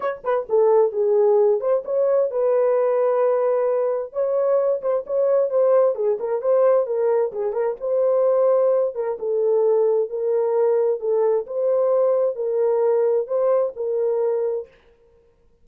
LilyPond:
\new Staff \with { instrumentName = "horn" } { \time 4/4 \tempo 4 = 131 cis''8 b'8 a'4 gis'4. c''8 | cis''4 b'2.~ | b'4 cis''4. c''8 cis''4 | c''4 gis'8 ais'8 c''4 ais'4 |
gis'8 ais'8 c''2~ c''8 ais'8 | a'2 ais'2 | a'4 c''2 ais'4~ | ais'4 c''4 ais'2 | }